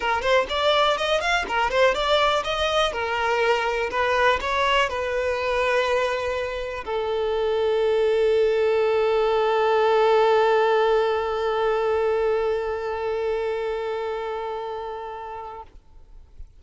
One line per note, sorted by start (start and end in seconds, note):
0.00 0.21 A#4
0.21 0.45 C5
0.49 0.97 D5
0.97 1.20 D#5
1.20 1.45 F5
1.47 1.70 A#4
1.70 1.94 C5
1.94 2.43 D5
2.43 2.92 D#5
2.92 3.90 A#4
3.90 4.39 B4
4.40 4.89 C#5
4.89 6.84 B4
6.84 15.62 A4